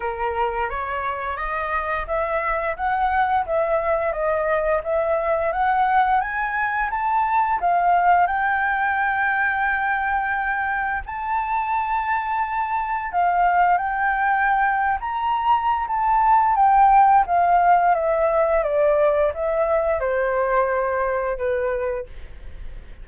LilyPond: \new Staff \with { instrumentName = "flute" } { \time 4/4 \tempo 4 = 87 ais'4 cis''4 dis''4 e''4 | fis''4 e''4 dis''4 e''4 | fis''4 gis''4 a''4 f''4 | g''1 |
a''2. f''4 | g''4.~ g''16 ais''4~ ais''16 a''4 | g''4 f''4 e''4 d''4 | e''4 c''2 b'4 | }